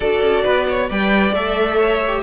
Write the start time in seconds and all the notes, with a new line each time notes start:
0.00 D4 F#4 A4 D5
0.21 C#4
0.44 B3 B4
0.68 C#5
0.89 G3 B4 D5 G5
1.32 A3 A4 E5
1.76 C#5
2.06 G4